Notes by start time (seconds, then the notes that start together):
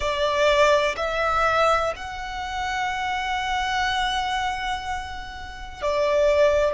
0.00 D5
0.96 E5
1.96 F#5
5.82 D5